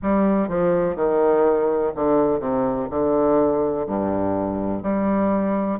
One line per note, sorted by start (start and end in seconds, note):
0.02 0.48 G3
0.48 0.95 F3
0.95 1.92 D#3
1.95 2.39 D3
2.39 2.88 C3
2.90 3.86 D3
3.86 4.83 G2
4.83 5.79 G3